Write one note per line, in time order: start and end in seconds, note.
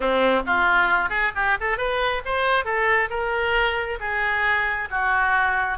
0.00 0.42 C4
0.46 1.09 F4
1.09 1.32 G#4
1.35 1.57 G4
1.60 1.77 A4
1.77 2.22 B4
2.25 2.64 C5
2.64 3.09 A4
3.10 3.99 A#4
4.00 4.88 G#4
4.90 5.78 F#4